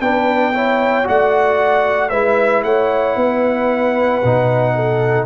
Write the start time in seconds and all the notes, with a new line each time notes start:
0.00 B3 D4 B4 G5
0.54 E4 C#5
1.04 A3 F#4 D5 F#5
2.09 G#3 E4 B4 E5
2.63 A3 C#5 F#5
3.16 B3 B4
4.24 B2 D#4
4.75 A4